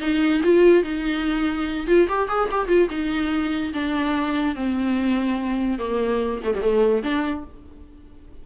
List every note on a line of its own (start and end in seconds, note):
0.00 0.41 D#4
0.43 0.83 F4
0.83 1.87 D#4
1.87 2.07 F4
2.08 2.28 G4
2.28 2.49 G#4
2.51 2.67 G4
2.67 2.88 F4
2.89 3.72 D#4
3.73 4.55 D4
4.55 5.78 C4
5.78 6.40 A#3
6.43 6.54 A3
6.54 6.61 G3
6.61 7.03 A3
7.03 7.44 D4